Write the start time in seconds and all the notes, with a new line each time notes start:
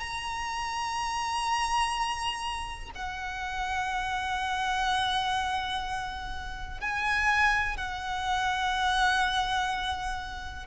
0.00 A#5
2.95 F#5
6.81 G#5
7.77 F#5